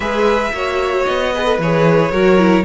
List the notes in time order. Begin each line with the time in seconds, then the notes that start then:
0.00 G#3 G#4 B4 E5
0.52 A#3 F#4 C#5
1.05 B3 D#5
1.33 G#4 B4
1.45 A4
1.58 E3 G#4 C#5
2.11 F#3 F#4 A#4
2.38 E4